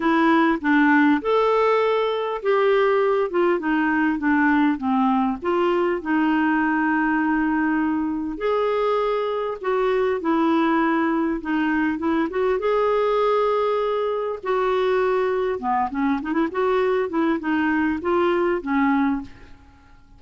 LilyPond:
\new Staff \with { instrumentName = "clarinet" } { \time 4/4 \tempo 4 = 100 e'4 d'4 a'2 | g'4. f'8 dis'4 d'4 | c'4 f'4 dis'2~ | dis'2 gis'2 |
fis'4 e'2 dis'4 | e'8 fis'8 gis'2. | fis'2 b8 cis'8 dis'16 e'16 fis'8~ | fis'8 e'8 dis'4 f'4 cis'4 | }